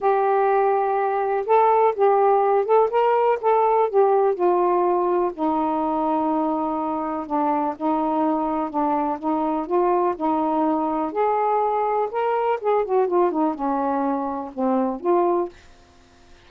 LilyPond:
\new Staff \with { instrumentName = "saxophone" } { \time 4/4 \tempo 4 = 124 g'2. a'4 | g'4. a'8 ais'4 a'4 | g'4 f'2 dis'4~ | dis'2. d'4 |
dis'2 d'4 dis'4 | f'4 dis'2 gis'4~ | gis'4 ais'4 gis'8 fis'8 f'8 dis'8 | cis'2 c'4 f'4 | }